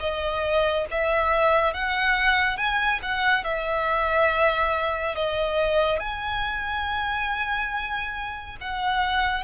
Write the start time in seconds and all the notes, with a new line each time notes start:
0.00 D#5
0.91 E5
1.74 F#5
2.57 G#5
3.03 F#5
3.44 E5
5.15 D#5
6.00 G#5
8.61 F#5